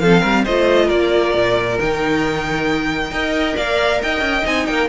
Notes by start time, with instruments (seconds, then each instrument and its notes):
0.00 cello F3, viola C4, violin A4 F5
0.20 cello G3, violin A#4
0.45 cello A3, viola F4, violin C5 D#5
0.86 cello A#3, violin A#4 D5
1.34 cello A#2
1.80 cello D#3, viola D#4, violin G5
3.11 cello D#4, viola A#4, violin D#5
3.56 cello A#3, violin D5 F5
4.03 cello D#4, violin D#5 G5
4.21 cello C#4
4.43 cello C4, viola D#4, violin G#5
4.66 cello A#3, violin A#4 G5